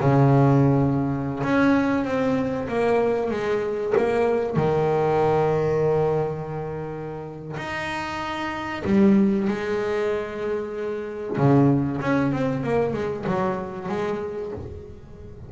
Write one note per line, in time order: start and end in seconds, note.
0.00 1.42 C#3
1.43 2.04 C#4
2.04 2.67 C4
2.68 3.30 A#3
3.30 3.93 G#3
3.97 4.56 A#3
4.56 7.56 D#3
7.56 8.82 D#4
8.84 9.47 G3
9.47 11.37 G#3
11.37 12.00 C#3
12.01 12.32 C#4
12.32 12.63 C4
12.63 12.93 A#3
12.93 13.25 G#3
13.26 13.88 F#3
13.88 14.51 G#3